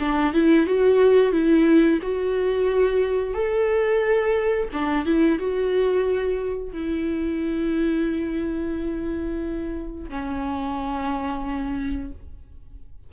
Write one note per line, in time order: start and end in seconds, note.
0.00 0.34 D4
0.34 0.67 E4
0.67 1.32 F#4
1.32 2.00 E4
2.02 3.34 F#4
3.34 4.69 A4
4.73 5.06 D4
5.06 5.39 E4
5.39 6.73 F#4
6.73 10.09 E4
10.09 12.12 C#4